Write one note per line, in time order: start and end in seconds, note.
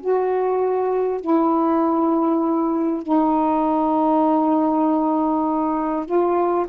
0.00 1.21 F#4
1.21 3.03 E4
3.03 6.05 D#4
6.05 6.66 F4